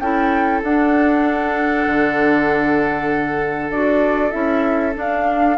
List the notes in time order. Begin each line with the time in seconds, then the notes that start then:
0.00 C#4 E4 A4 G5
0.63 D4 F#5
1.87 D3
3.70 D4 F#4 D5
4.32 C#4 E4 E5
4.95 D4 F5